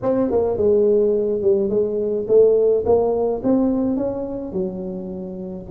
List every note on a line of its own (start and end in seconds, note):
0.02 0.30 C4
0.30 0.57 A#3
0.57 1.41 G#3
1.41 1.69 G3
1.69 2.26 G#3
2.27 2.84 A3
2.85 3.42 A#3
3.43 3.96 C4
3.96 4.52 C#4
4.52 5.65 F#3